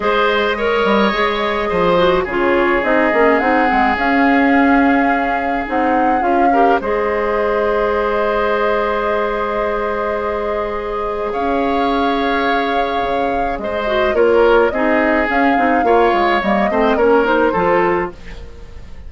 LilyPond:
<<
  \new Staff \with { instrumentName = "flute" } { \time 4/4 \tempo 4 = 106 dis''1 | cis''4 dis''4 fis''4 f''4~ | f''2 fis''4 f''4 | dis''1~ |
dis''1 | f''1 | dis''4 cis''4 dis''4 f''4~ | f''4 dis''4 cis''8 c''4. | }
  \new Staff \with { instrumentName = "oboe" } { \time 4/4 c''4 cis''2 c''4 | gis'1~ | gis'2.~ gis'8 ais'8 | c''1~ |
c''1 | cis''1 | c''4 ais'4 gis'2 | cis''4. c''8 ais'4 a'4 | }
  \new Staff \with { instrumentName = "clarinet" } { \time 4/4 gis'4 ais'4 gis'4. fis'8 | f'4 dis'8 cis'8 dis'8 c'8 cis'4~ | cis'2 dis'4 f'8 g'8 | gis'1~ |
gis'1~ | gis'1~ | gis'8 fis'8 f'4 dis'4 cis'8 dis'8 | f'4 ais8 c'8 cis'8 dis'8 f'4 | }
  \new Staff \with { instrumentName = "bassoon" } { \time 4/4 gis4. g8 gis4 f4 | cis4 c'8 ais8 c'8 gis8 cis'4~ | cis'2 c'4 cis'4 | gis1~ |
gis1 | cis'2. cis4 | gis4 ais4 c'4 cis'8 c'8 | ais8 gis8 g8 a8 ais4 f4 | }
>>